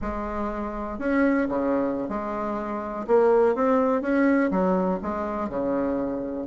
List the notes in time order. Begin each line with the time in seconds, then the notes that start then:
0.01 G#3
0.99 C#4
1.48 C#3
2.08 G#3
3.07 A#3
3.55 C4
4.01 C#4
4.51 F#3
5.02 G#3
5.49 C#3